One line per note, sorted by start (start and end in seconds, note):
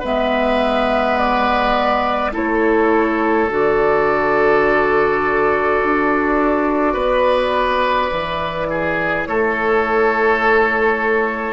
0.00 2.35 G#3
0.00 2.32 B3
0.00 2.31 B4
0.00 1.17 E5
1.17 2.33 D5
2.32 3.50 A3
2.32 3.48 E4
2.32 6.93 A4
2.32 3.51 C#5
3.50 5.80 D3
3.50 8.11 F#4
3.50 9.25 D5
5.83 6.95 D4
6.93 8.10 B3
6.93 8.66 B4
8.11 9.27 E3
8.11 11.53 E4
8.70 9.28 G#4
9.25 11.53 A3
9.25 11.53 A4
9.25 11.53 C#5